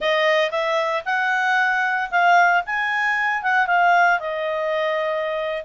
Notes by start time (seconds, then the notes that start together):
0.00 D#5
0.50 E5
1.05 F#5
2.11 F5
2.66 G#5
3.42 F#5
3.67 F5
4.19 D#5